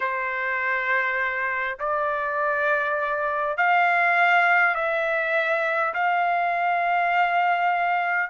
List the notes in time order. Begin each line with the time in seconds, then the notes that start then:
0.00 C5
1.79 D5
3.57 F5
4.74 E5
5.94 F5